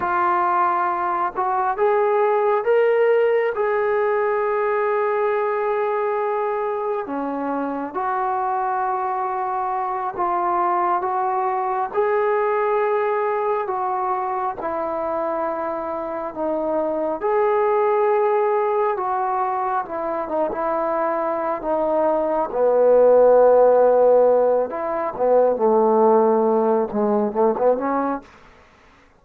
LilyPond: \new Staff \with { instrumentName = "trombone" } { \time 4/4 \tempo 4 = 68 f'4. fis'8 gis'4 ais'4 | gis'1 | cis'4 fis'2~ fis'8 f'8~ | f'8 fis'4 gis'2 fis'8~ |
fis'8 e'2 dis'4 gis'8~ | gis'4. fis'4 e'8 dis'16 e'8.~ | e'8 dis'4 b2~ b8 | e'8 b8 a4. gis8 a16 b16 cis'8 | }